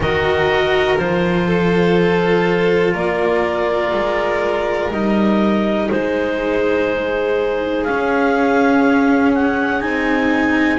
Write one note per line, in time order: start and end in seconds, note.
0.00 0.97 D#3
0.00 0.97 F#4
0.00 1.47 A#4
0.00 0.97 D#5
0.97 2.94 F3
0.97 4.91 F4
0.97 2.94 C5
1.47 2.93 A4
2.93 3.92 A#3
2.93 5.89 A#4
2.93 4.91 D5
3.93 4.91 G#3
4.91 5.89 G3
4.91 7.87 D#4
4.91 5.90 D#5
5.90 7.87 G#3
5.90 10.79 G#4
5.90 7.84 C5
7.84 9.81 C#4
7.84 9.83 C#4
7.84 9.31 F5
9.34 9.81 F#5
9.81 10.79 C4
9.81 10.79 D#4
9.81 10.79 G#5